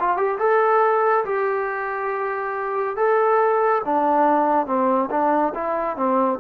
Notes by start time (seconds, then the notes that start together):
0.00 F4
0.17 G4
0.39 A4
1.25 G4
2.96 A4
3.85 D4
4.66 C4
5.10 D4
5.54 E4
5.96 C4